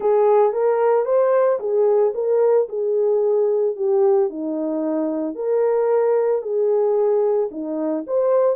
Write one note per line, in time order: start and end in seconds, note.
0.00 0.52 G#4
0.52 1.05 A#4
1.05 1.58 C5
1.59 2.13 G#4
2.14 2.68 A#4
2.68 3.75 G#4
3.75 4.29 G4
4.29 5.35 D#4
5.35 6.42 A#4
6.42 7.49 G#4
7.51 8.04 D#4
8.06 8.56 C5